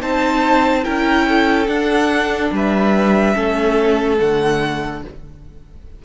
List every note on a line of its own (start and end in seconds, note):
0.00 0.86 C4
0.00 0.83 D#4
0.00 0.85 C5
0.00 0.85 A5
0.84 1.68 C#4
0.84 1.67 E4
0.84 1.26 A#4
0.84 1.68 G5
1.28 2.53 A4
1.68 2.51 D4
1.68 3.34 D4
1.68 2.51 F#5
2.52 3.35 G3
2.52 3.36 B4
2.52 4.19 E5
3.34 4.19 A3
3.34 4.17 C#4
3.34 5.03 A4
4.19 5.05 D3
4.19 5.02 A3
4.19 5.02 F#5